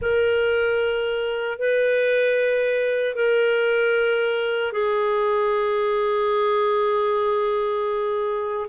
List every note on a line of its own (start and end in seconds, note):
0.01 1.58 A#4
1.58 3.15 B4
3.15 4.72 A#4
4.72 8.67 G#4